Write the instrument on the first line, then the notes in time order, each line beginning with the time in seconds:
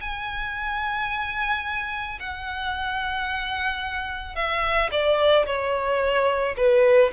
violin
0.00 G#5
2.19 F#5
4.35 E5
4.91 D5
5.46 C#5
6.56 B4